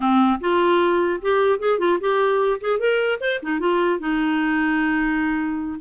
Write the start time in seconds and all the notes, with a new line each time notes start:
0.00 C4
0.40 F4
1.21 G4
1.59 G#4
1.79 F4
2.00 G4
2.60 G#4
2.79 A#4
3.20 C5
3.42 D#4
3.59 F4
3.99 D#4